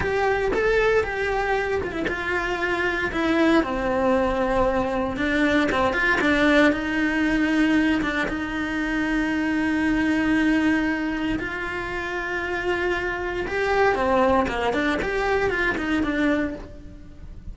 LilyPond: \new Staff \with { instrumentName = "cello" } { \time 4/4 \tempo 4 = 116 g'4 a'4 g'4. f'16 e'16 | f'2 e'4 c'4~ | c'2 d'4 c'8 f'8 | d'4 dis'2~ dis'8 d'8 |
dis'1~ | dis'2 f'2~ | f'2 g'4 c'4 | ais8 d'8 g'4 f'8 dis'8 d'4 | }